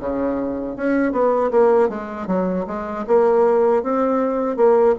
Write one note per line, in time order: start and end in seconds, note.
0.00 0.76 C#3
0.76 1.12 C#4
1.12 1.51 B3
1.51 1.89 A#3
1.89 2.27 G#3
2.27 2.65 F#3
2.67 3.06 G#3
3.07 3.83 A#3
3.83 4.57 C4
4.57 4.95 A#3